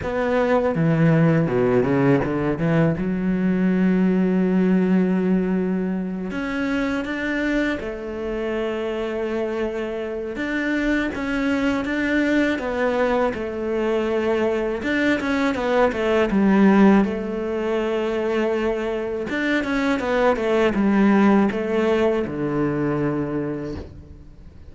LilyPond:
\new Staff \with { instrumentName = "cello" } { \time 4/4 \tempo 4 = 81 b4 e4 b,8 cis8 d8 e8 | fis1~ | fis8 cis'4 d'4 a4.~ | a2 d'4 cis'4 |
d'4 b4 a2 | d'8 cis'8 b8 a8 g4 a4~ | a2 d'8 cis'8 b8 a8 | g4 a4 d2 | }